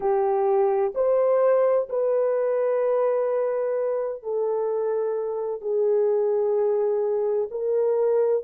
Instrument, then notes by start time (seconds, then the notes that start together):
horn
0.00 G4
0.94 C5
1.89 B4
4.22 A4
5.61 G#4
7.50 A#4